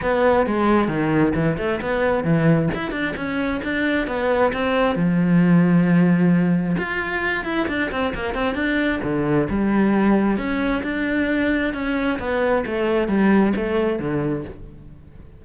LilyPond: \new Staff \with { instrumentName = "cello" } { \time 4/4 \tempo 4 = 133 b4 gis4 dis4 e8 a8 | b4 e4 e'8 d'8 cis'4 | d'4 b4 c'4 f4~ | f2. f'4~ |
f'8 e'8 d'8 c'8 ais8 c'8 d'4 | d4 g2 cis'4 | d'2 cis'4 b4 | a4 g4 a4 d4 | }